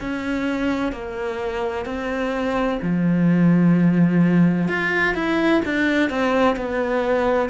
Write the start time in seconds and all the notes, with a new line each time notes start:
0.00 C#4
0.92 A#3
1.85 C4
2.82 F3
4.68 F4
5.14 E4
5.65 D4
6.10 C4
6.56 B3